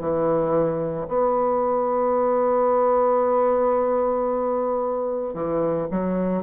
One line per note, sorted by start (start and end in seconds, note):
0.00 1.07 E3
1.08 5.34 B3
5.34 5.87 E3
5.91 6.43 F#3